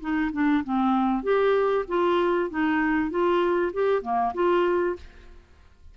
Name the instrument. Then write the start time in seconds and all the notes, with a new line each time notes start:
clarinet
0.00 D#4
0.32 D4
0.64 C4
1.23 G4
1.88 F4
2.50 D#4
3.10 F4
3.73 G4
4.01 A#3
4.34 F4